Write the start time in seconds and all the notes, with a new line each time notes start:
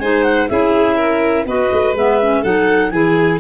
0.00 G#3 D#4 C5 G#5
0.24 F#5
0.49 C#4 E4 G#4 E5
0.97 A#4
1.46 B3 F#4 B4 D#5
1.73 A3
1.94 G#3 B3 E5
2.22 C#4
2.42 F#3 D#4 A4 F#5
2.91 E3 E4 G#4 G#5